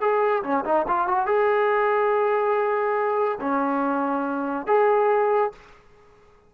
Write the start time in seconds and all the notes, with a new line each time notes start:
0.00 G#4
0.43 C#4
0.64 D#4
0.87 F4
1.07 F#4
1.26 G#4
3.40 C#4
4.67 G#4